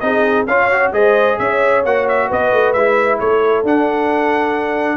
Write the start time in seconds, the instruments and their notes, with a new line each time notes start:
0.00 tuba C4, trombone D#4, horn G#4, trumpet D#5
0.47 tuba C#4, trombone F4, horn C#5, trumpet F5
0.71 trombone F#4
0.92 tuba G#3, trombone G#4, horn C5, trumpet D#5
1.39 tuba C#4, horn C#5, trumpet E5
1.85 tuba A#3, trombone F#4, trumpet F#5
2.08 trumpet E5
2.28 tuba B3, horn B4, trumpet D#5
2.52 tuba A3
2.73 tuba G#3, trombone E4, trumpet E5
3.19 tuba A3, horn A4, trumpet C#5
3.63 tuba D4, trombone D4, trumpet F#5